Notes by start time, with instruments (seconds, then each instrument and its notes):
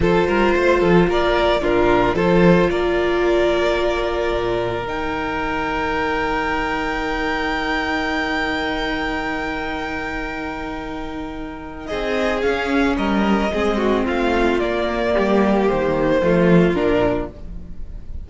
0.00 cello F3, viola F4, violin A4 C5
0.26 cello G3, violin A#4
0.55 cello A3, violin C5
0.80 cello F3, violin A4
1.07 cello A#3, violin A#4 D5
1.61 cello A#2, viola D4, violin F4 A#4
2.14 cello F3, viola F4, violin A4 C5
2.70 cello A#3, violin A#4 D5
4.32 cello A#2
4.82 cello D#3, viola D#4, violin G5
11.86 cello C4, violin G#4 D#5
12.41 viola C#4, cello C#4, violin F5
12.96 cello G3, violin A#4 D#5
13.52 cello G#3, viola C4, violin G#4
13.77 violin F#4
14.04 cello A3, violin F4 F5
14.59 viola A#3, cello A#3, violin D5
15.12 cello G3, violin G4
15.67 cello D#3, violin C5
16.20 cello F3, viola A3, violin F4
16.73 cello A#2, viola D4, violin A#4